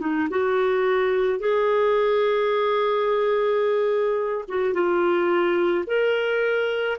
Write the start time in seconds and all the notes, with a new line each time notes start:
0.00 D#4
0.29 F#4
1.39 G#4
4.48 F#4
4.73 F4
5.86 A#4